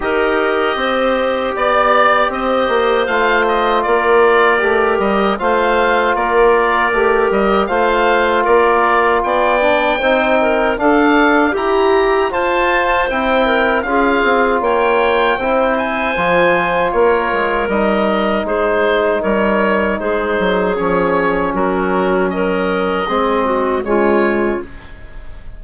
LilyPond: <<
  \new Staff \with { instrumentName = "oboe" } { \time 4/4 \tempo 4 = 78 dis''2 d''4 dis''4 | f''8 dis''8 d''4. dis''8 f''4 | d''4. dis''8 f''4 d''4 | g''2 f''4 ais''4 |
a''4 g''4 f''4 g''4~ | g''8 gis''4. cis''4 dis''4 | c''4 cis''4 c''4 cis''4 | ais'4 dis''2 cis''4 | }
  \new Staff \with { instrumentName = "clarinet" } { \time 4/4 ais'4 c''4 d''4 c''4~ | c''4 ais'2 c''4 | ais'2 c''4 ais'4 | d''4 c''8 ais'8 a'4 g'4 |
c''4. ais'8 gis'4 cis''4 | c''2 ais'2 | gis'4 ais'4 gis'2 | fis'4 ais'4 gis'8 fis'8 f'4 | }
  \new Staff \with { instrumentName = "trombone" } { \time 4/4 g'1 | f'2 g'4 f'4~ | f'4 g'4 f'2~ | f'8 d'8 dis'4 d'4 g'4 |
f'4 e'4 f'2 | e'4 f'2 dis'4~ | dis'2. cis'4~ | cis'2 c'4 gis4 | }
  \new Staff \with { instrumentName = "bassoon" } { \time 4/4 dis'4 c'4 b4 c'8 ais8 | a4 ais4 a8 g8 a4 | ais4 a8 g8 a4 ais4 | b4 c'4 d'4 e'4 |
f'4 c'4 cis'8 c'8 ais4 | c'4 f4 ais8 gis8 g4 | gis4 g4 gis8 fis8 f4 | fis2 gis4 cis4 | }
>>